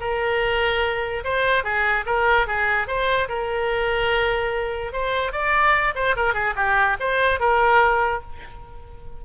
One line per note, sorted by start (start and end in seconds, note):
0.00 1.23 A#4
1.24 1.64 C5
1.64 2.05 G#4
2.06 2.47 A#4
2.47 2.87 G#4
2.87 3.28 C5
3.28 4.92 A#4
4.92 5.32 C5
5.32 5.94 D5
5.94 6.15 C5
6.16 6.33 A#4
6.33 6.54 G#4
6.55 6.97 G4
7.00 7.40 C5
7.40 8.22 A#4